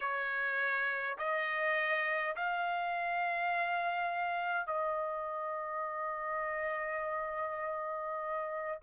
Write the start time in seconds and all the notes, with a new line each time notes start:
0.00 C#5
1.18 D#5
2.36 F5
4.66 D#5